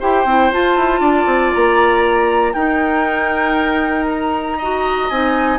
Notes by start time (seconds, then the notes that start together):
0.00 E4 G4 C5 G5
0.25 C4 E4
0.52 F4 A5
0.77 E4
1.00 D4 D5
1.26 C4
1.54 A#3 A#5
2.53 D#4 A#4 G5
4.10 A#5
4.58 F#4 D#5
5.10 C4 D#4 G#5